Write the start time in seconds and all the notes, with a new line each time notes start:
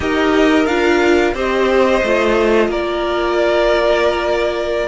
0.00 D#4 G4 A#4 D#5
0.65 D4 F4 F5
1.33 C4 G4 C5 D#5
2.03 A3 F4
2.68 A#3 A#4 D5